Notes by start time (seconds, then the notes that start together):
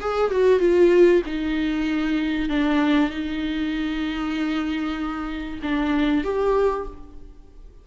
0.00 G#4
0.31 F#4
0.59 F4
1.26 D#4
2.49 D4
3.10 D#4
5.62 D4
6.24 G4